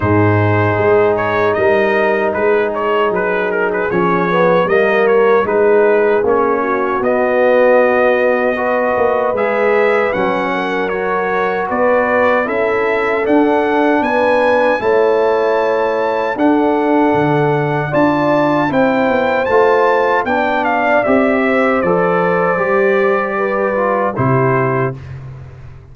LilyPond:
<<
  \new Staff \with { instrumentName = "trumpet" } { \time 4/4 \tempo 4 = 77 c''4. cis''8 dis''4 b'8 cis''8 | b'8 ais'16 b'16 cis''4 dis''8 cis''8 b'4 | cis''4 dis''2. | e''4 fis''4 cis''4 d''4 |
e''4 fis''4 gis''4 a''4~ | a''4 fis''2 a''4 | g''4 a''4 g''8 f''8 e''4 | d''2. c''4 | }
  \new Staff \with { instrumentName = "horn" } { \time 4/4 gis'2 ais'4 gis'4~ | gis'2 ais'4 gis'4~ | gis'8 fis'2~ fis'8 b'4~ | b'4. ais'4. b'4 |
a'2 b'4 cis''4~ | cis''4 a'2 d''4 | c''2 d''4. c''8~ | c''2 b'4 g'4 | }
  \new Staff \with { instrumentName = "trombone" } { \time 4/4 dis'1~ | dis'4 cis'8 b8 ais4 dis'4 | cis'4 b2 fis'4 | gis'4 cis'4 fis'2 |
e'4 d'2 e'4~ | e'4 d'2 f'4 | e'4 f'4 d'4 g'4 | a'4 g'4. f'8 e'4 | }
  \new Staff \with { instrumentName = "tuba" } { \time 4/4 gis,4 gis4 g4 gis4 | fis4 f4 g4 gis4 | ais4 b2~ b8 ais8 | gis4 fis2 b4 |
cis'4 d'4 b4 a4~ | a4 d'4 d4 d'4 | c'8 b8 a4 b4 c'4 | f4 g2 c4 | }
>>